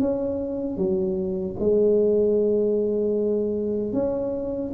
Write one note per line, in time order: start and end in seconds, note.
0.00 0.77 C#4
0.77 1.56 F#3
1.60 3.93 G#3
3.93 4.72 C#4